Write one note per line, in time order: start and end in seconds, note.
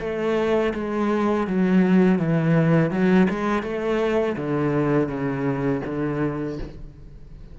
0.00 0.73 A3
0.74 1.47 G#3
1.47 2.19 F#3
2.19 2.91 E3
2.91 3.27 F#3
3.30 3.63 G#3
3.63 4.36 A3
4.36 5.09 D3
5.09 5.82 C#3
5.85 6.59 D3